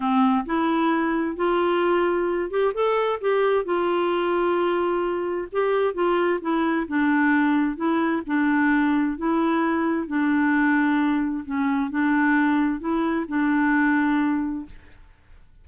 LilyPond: \new Staff \with { instrumentName = "clarinet" } { \time 4/4 \tempo 4 = 131 c'4 e'2 f'4~ | f'4. g'8 a'4 g'4 | f'1 | g'4 f'4 e'4 d'4~ |
d'4 e'4 d'2 | e'2 d'2~ | d'4 cis'4 d'2 | e'4 d'2. | }